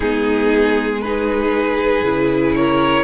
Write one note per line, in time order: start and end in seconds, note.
0.00 2.03 G#3
0.00 1.04 B3
0.00 1.00 D#4
0.00 1.01 G#4
1.01 2.04 D#4
1.01 2.55 G#4
1.01 2.53 B4
2.03 3.04 C#3
2.03 3.04 E4
2.55 3.04 A#4
2.55 3.04 C#5